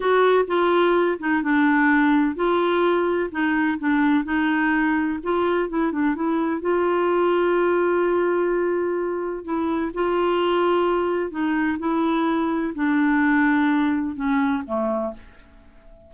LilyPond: \new Staff \with { instrumentName = "clarinet" } { \time 4/4 \tempo 4 = 127 fis'4 f'4. dis'8 d'4~ | d'4 f'2 dis'4 | d'4 dis'2 f'4 | e'8 d'8 e'4 f'2~ |
f'1 | e'4 f'2. | dis'4 e'2 d'4~ | d'2 cis'4 a4 | }